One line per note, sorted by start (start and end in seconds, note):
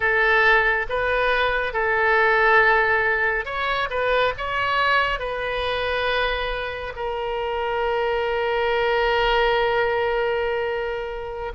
0.00 0.86 A4
0.89 1.73 B4
1.73 3.45 A4
3.45 3.89 C#5
3.89 4.33 B4
4.37 5.19 C#5
5.19 6.93 B4
6.96 11.52 A#4